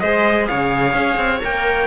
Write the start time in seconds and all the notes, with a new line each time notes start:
0.00 G#3 G#4 C5 D#5
0.47 C#3 C#5 F5
0.94 C#4
1.17 C4
1.40 A#3 A#4 G5